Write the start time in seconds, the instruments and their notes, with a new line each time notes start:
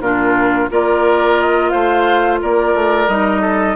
0.00 bassoon A#2, clarinet D4, oboe F4, flute A#4
0.70 bassoon A#3, clarinet F4, oboe A#4, flute D5
1.41 flute D#5
1.69 bassoon A3, oboe C5, flute F5
2.42 bassoon A#3, oboe A#4, flute D5
2.74 bassoon A3
3.08 bassoon G3, clarinet D#4, flute D#5
3.41 oboe A4